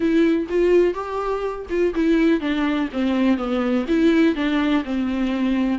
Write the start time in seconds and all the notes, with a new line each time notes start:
0.00 E4
0.49 F4
0.93 G4
1.69 F4
1.95 E4
2.40 D4
2.93 C4
3.37 B3
3.88 E4
4.35 D4
4.84 C4